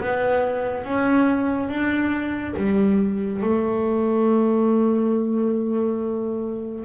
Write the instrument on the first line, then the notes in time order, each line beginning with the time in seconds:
double bass
0.00 B3
0.84 C#4
1.68 D4
2.56 G3
3.42 A3